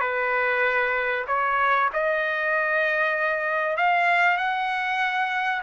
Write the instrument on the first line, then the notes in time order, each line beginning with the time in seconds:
trumpet
0.00 B4
1.27 C#5
1.93 D#5
3.76 F5
4.37 F#5